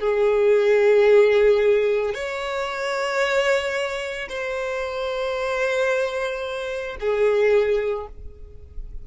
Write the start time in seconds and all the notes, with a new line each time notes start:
0.00 G#4
2.14 C#5
4.29 C5
7.00 G#4